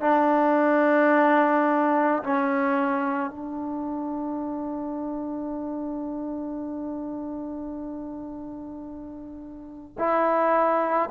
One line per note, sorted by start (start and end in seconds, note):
0.00 2.22 D4
2.23 3.30 C#4
3.30 9.96 D4
9.98 11.09 E4